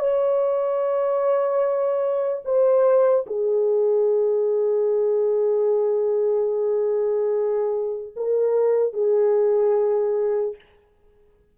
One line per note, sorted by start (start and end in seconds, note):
0.00 2.43 C#5
2.45 3.26 C5
3.27 8.13 G#4
8.16 8.94 A#4
8.94 10.56 G#4